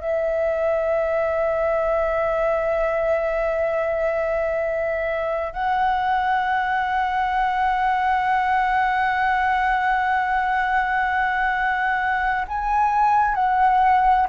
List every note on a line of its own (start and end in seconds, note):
0.00 5.53 E5
5.53 12.45 F#5
12.47 13.34 G#5
13.34 14.27 F#5